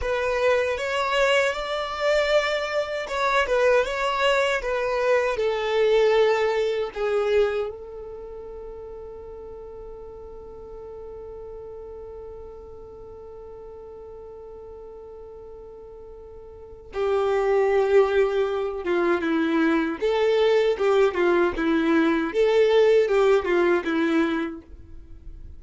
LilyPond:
\new Staff \with { instrumentName = "violin" } { \time 4/4 \tempo 4 = 78 b'4 cis''4 d''2 | cis''8 b'8 cis''4 b'4 a'4~ | a'4 gis'4 a'2~ | a'1~ |
a'1~ | a'2 g'2~ | g'8 f'8 e'4 a'4 g'8 f'8 | e'4 a'4 g'8 f'8 e'4 | }